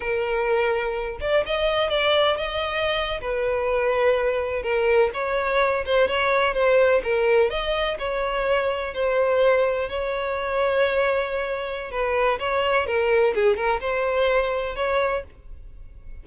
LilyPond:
\new Staff \with { instrumentName = "violin" } { \time 4/4 \tempo 4 = 126 ais'2~ ais'8 d''8 dis''4 | d''4 dis''4.~ dis''16 b'4~ b'16~ | b'4.~ b'16 ais'4 cis''4~ cis''16~ | cis''16 c''8 cis''4 c''4 ais'4 dis''16~ |
dis''8. cis''2 c''4~ c''16~ | c''8. cis''2.~ cis''16~ | cis''4 b'4 cis''4 ais'4 | gis'8 ais'8 c''2 cis''4 | }